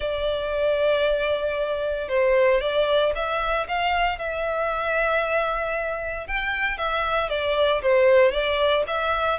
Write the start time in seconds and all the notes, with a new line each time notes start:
0.00 D5
2.08 C5
2.60 D5
3.15 E5
3.68 F5
4.18 E5
6.27 G5
6.77 E5
7.29 D5
7.82 C5
8.31 D5
8.87 E5